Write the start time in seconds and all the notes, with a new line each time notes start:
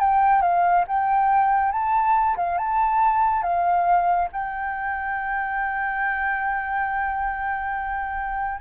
0.00 G5
0.42 F5
0.88 G5
1.72 A5
2.37 F5
2.58 A5
3.43 F5
4.32 G5